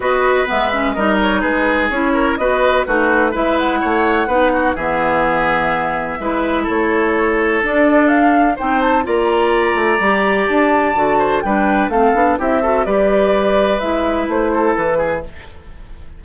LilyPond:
<<
  \new Staff \with { instrumentName = "flute" } { \time 4/4 \tempo 4 = 126 dis''4 e''4 dis''8 cis''8 b'4 | cis''4 dis''4 b'4 e''8 fis''8~ | fis''2 e''2~ | e''2 cis''2 |
d''4 f''4 g''8 a''8 ais''4~ | ais''2 a''2 | g''4 f''4 e''4 d''4~ | d''4 e''4 c''4 b'4 | }
  \new Staff \with { instrumentName = "oboe" } { \time 4/4 b'2 ais'4 gis'4~ | gis'8 ais'8 b'4 fis'4 b'4 | cis''4 b'8 fis'8 gis'2~ | gis'4 b'4 a'2~ |
a'2 c''4 d''4~ | d''2.~ d''8 c''8 | b'4 a'4 g'8 a'8 b'4~ | b'2~ b'8 a'4 gis'8 | }
  \new Staff \with { instrumentName = "clarinet" } { \time 4/4 fis'4 b8 cis'8 dis'2 | e'4 fis'4 dis'4 e'4~ | e'4 dis'4 b2~ | b4 e'2. |
d'2 dis'4 f'4~ | f'4 g'2 fis'4 | d'4 c'8 d'8 e'8 fis'8 g'4~ | g'4 e'2. | }
  \new Staff \with { instrumentName = "bassoon" } { \time 4/4 b4 gis4 g4 gis4 | cis'4 b4 a4 gis4 | a4 b4 e2~ | e4 gis4 a2 |
d'2 c'4 ais4~ | ais8 a8 g4 d'4 d4 | g4 a8 b8 c'4 g4~ | g4 gis4 a4 e4 | }
>>